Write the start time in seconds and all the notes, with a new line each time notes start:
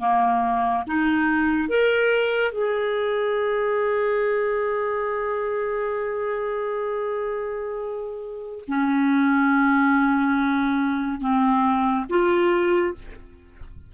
0.00 A#3
0.87 D#4
1.69 A#4
2.52 G#4
8.68 C#4
11.21 C4
12.10 F4